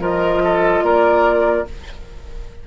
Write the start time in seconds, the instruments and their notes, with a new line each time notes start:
0.00 bassoon F3, clarinet F4, oboe A#4, flute D#5
0.44 oboe A4
0.82 bassoon A#3, oboe A#4, flute D5